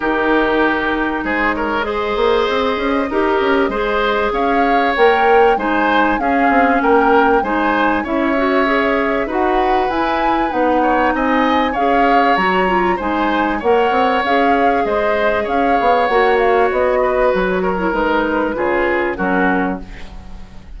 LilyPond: <<
  \new Staff \with { instrumentName = "flute" } { \time 4/4 \tempo 4 = 97 ais'2 c''8 cis''8 dis''4~ | dis''2. f''4 | g''4 gis''4 f''4 g''4 | gis''4 e''2 fis''4 |
gis''4 fis''4 gis''4 f''4 | ais''4 gis''4 fis''4 f''4 | dis''4 f''4 fis''8 f''8 dis''4 | cis''4 b'2 ais'4 | }
  \new Staff \with { instrumentName = "oboe" } { \time 4/4 g'2 gis'8 ais'8 c''4~ | c''4 ais'4 c''4 cis''4~ | cis''4 c''4 gis'4 ais'4 | c''4 cis''2 b'4~ |
b'4. cis''8 dis''4 cis''4~ | cis''4 c''4 cis''2 | c''4 cis''2~ cis''8 b'8~ | b'8 ais'4. gis'4 fis'4 | }
  \new Staff \with { instrumentName = "clarinet" } { \time 4/4 dis'2. gis'4~ | gis'4 g'4 gis'2 | ais'4 dis'4 cis'2 | dis'4 e'8 fis'8 gis'4 fis'4 |
e'4 dis'2 gis'4 | fis'8 f'8 dis'4 ais'4 gis'4~ | gis'2 fis'2~ | fis'8. e'16 dis'4 f'4 cis'4 | }
  \new Staff \with { instrumentName = "bassoon" } { \time 4/4 dis2 gis4. ais8 | c'8 cis'8 dis'8 cis'8 gis4 cis'4 | ais4 gis4 cis'8 c'8 ais4 | gis4 cis'2 dis'4 |
e'4 b4 c'4 cis'4 | fis4 gis4 ais8 c'8 cis'4 | gis4 cis'8 b8 ais4 b4 | fis4 gis4 cis4 fis4 | }
>>